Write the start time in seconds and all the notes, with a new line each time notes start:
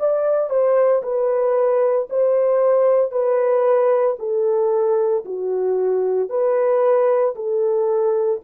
0.00 D5
0.50 C5
1.03 B4
2.11 C5
3.12 B4
4.20 A4
5.25 F#4
6.30 B4
7.36 A4